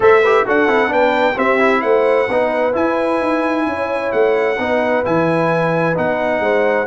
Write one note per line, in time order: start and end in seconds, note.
0.00 0.44 A3
0.00 0.21 A4
0.00 0.22 C5
0.00 0.47 E5
0.22 0.45 G4
0.22 0.45 B4
0.45 0.67 D4
0.45 0.68 F#4
0.45 0.89 A4
0.45 0.93 F#5
0.67 0.90 C4
0.67 0.88 E4
0.88 1.35 B3
0.88 1.33 D4
0.88 1.35 B4
0.88 1.38 G5
1.36 1.58 C4
1.36 1.83 C4
1.36 1.82 G4
1.36 1.81 E5
1.59 2.27 E4
1.81 2.29 A3
1.81 2.28 C5
1.81 2.73 F#5
2.28 2.75 B3
2.28 2.73 D#4
2.28 3.66 B4
2.73 4.56 E4
2.73 3.20 E4
2.73 4.12 G#5
3.20 3.65 D#4
3.65 4.11 C#4
3.65 4.59 C#5
4.12 4.58 A3
4.12 5.03 F#5
4.58 5.04 B3
4.58 5.04 D#4
4.58 6.42 B4
5.04 5.97 E3
5.04 5.94 E4
5.04 5.96 G#5
5.94 6.40 B3
5.94 6.86 D#4
5.94 6.87 F#5
6.40 6.85 G#3
6.40 6.87 C5